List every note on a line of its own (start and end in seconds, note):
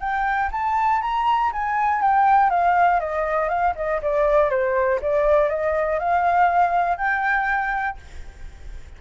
0.00 0.50 G5
0.51 1.01 A5
1.02 1.52 A#5
1.52 2.02 G#5
2.02 2.50 G5
2.50 3.00 F5
3.00 3.49 D#5
3.49 3.74 F5
3.75 4.00 D#5
4.02 4.50 D5
4.50 5.00 C5
5.01 5.49 D5
5.49 5.99 D#5
5.99 6.97 F5
6.97 7.97 G5